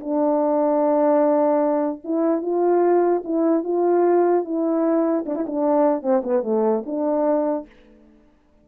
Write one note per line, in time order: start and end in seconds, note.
0.00 2.01 D4
2.04 2.42 E4
2.42 3.23 F4
3.24 3.64 E4
3.64 4.44 F4
4.45 5.25 E4
5.26 5.35 D4
5.35 5.45 E4
5.47 6.02 D4
6.02 6.22 C4
6.24 6.43 B3
6.43 6.83 A3
6.86 7.66 D4